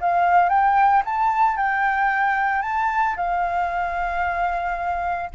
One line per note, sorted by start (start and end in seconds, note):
0.00 0.49 F5
0.49 1.03 G5
1.05 1.57 A5
1.57 2.62 G5
2.62 3.15 A5
3.16 5.30 F5